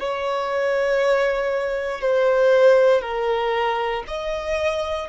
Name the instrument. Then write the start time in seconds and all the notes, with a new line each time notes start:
violin
0.00 C#5
2.02 C5
3.02 A#4
4.08 D#5